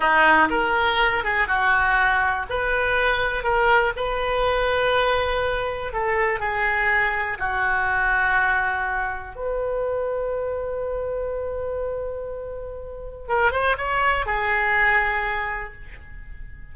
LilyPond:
\new Staff \with { instrumentName = "oboe" } { \time 4/4 \tempo 4 = 122 dis'4 ais'4. gis'8 fis'4~ | fis'4 b'2 ais'4 | b'1 | a'4 gis'2 fis'4~ |
fis'2. b'4~ | b'1~ | b'2. ais'8 c''8 | cis''4 gis'2. | }